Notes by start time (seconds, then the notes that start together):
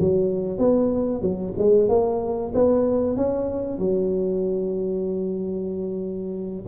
0.00 F#3
0.59 B3
1.22 F#3
1.58 G#3
1.89 A#3
2.54 B3
3.17 C#4
3.79 F#3